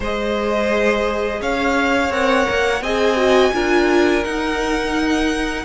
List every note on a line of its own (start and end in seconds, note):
0.00 1.40 G#3
0.00 2.10 G#4
0.00 1.40 C5
0.00 1.42 D#5
1.41 2.09 C#4
1.41 2.82 C#5
1.41 2.12 F5
2.09 2.45 C4
2.09 2.81 A#4
2.09 2.82 F#5
2.50 2.81 A#3
2.81 3.51 C4
2.81 3.16 G#4
2.81 3.53 D#5
2.81 4.24 G#5
3.16 3.52 F#4
3.52 4.24 D4
3.52 4.22 F4
3.52 5.64 A#4
4.24 5.64 D#4
4.24 5.64 F#5